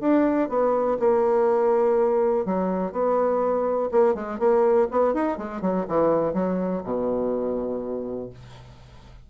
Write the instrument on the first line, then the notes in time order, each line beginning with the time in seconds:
bassoon
0.00 D4
0.49 B3
0.99 A#3
2.45 F#3
2.92 B3
3.91 A#3
4.14 G#3
4.39 A#3
4.91 B3
5.14 D#4
5.37 G#3
5.61 F#3
5.88 E3
6.33 F#3
6.83 B2